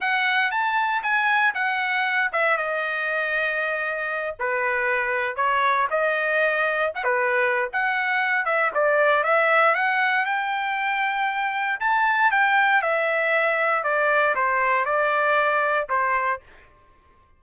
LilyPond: \new Staff \with { instrumentName = "trumpet" } { \time 4/4 \tempo 4 = 117 fis''4 a''4 gis''4 fis''4~ | fis''8 e''8 dis''2.~ | dis''8 b'2 cis''4 dis''8~ | dis''4. fis''16 b'4~ b'16 fis''4~ |
fis''8 e''8 d''4 e''4 fis''4 | g''2. a''4 | g''4 e''2 d''4 | c''4 d''2 c''4 | }